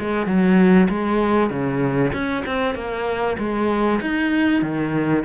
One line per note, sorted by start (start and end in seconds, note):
0.00 0.27 G#3
0.27 0.89 F#3
0.89 1.50 G#3
1.50 2.12 C#3
2.13 2.44 C#4
2.46 2.75 C4
2.75 3.37 A#3
3.39 4.00 G#3
4.01 4.63 D#4
4.63 5.24 D#3